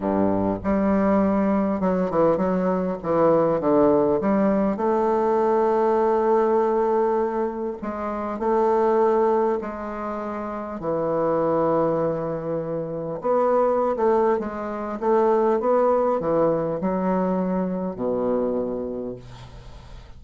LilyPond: \new Staff \with { instrumentName = "bassoon" } { \time 4/4 \tempo 4 = 100 g,4 g2 fis8 e8 | fis4 e4 d4 g4 | a1~ | a4 gis4 a2 |
gis2 e2~ | e2 b4~ b16 a8. | gis4 a4 b4 e4 | fis2 b,2 | }